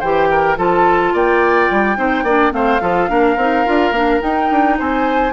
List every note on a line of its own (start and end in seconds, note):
0.00 0.58 E3
0.00 0.57 G4
0.00 0.28 C5
0.00 0.57 G5
0.31 0.58 A#4
0.57 1.14 F3
0.57 1.96 F4
0.57 1.14 A4
0.57 1.16 A5
1.14 1.70 A#3
1.14 1.98 D5
1.14 2.53 G5
1.71 1.97 G3
1.96 2.24 C4
1.96 2.24 D#4
1.96 2.24 C5
2.24 2.52 A#3
2.24 2.52 D4
2.24 2.52 D5
2.52 2.81 A3
2.52 2.80 C4
2.52 2.82 C5
2.52 4.21 F5
2.81 3.10 F3
2.81 3.08 F4
2.81 3.10 A4
3.08 3.37 A#3
3.08 3.36 D4
3.08 4.78 A#4
3.37 3.65 C4
3.37 3.65 D#4
3.65 3.91 D4
3.65 3.93 F4
3.91 4.19 A#3
3.91 4.21 D4
4.21 5.33 D#4
4.21 4.51 D#4
4.21 4.78 G5
4.51 4.79 D4
4.79 5.34 C4
4.79 5.34 C5
4.79 5.34 G#5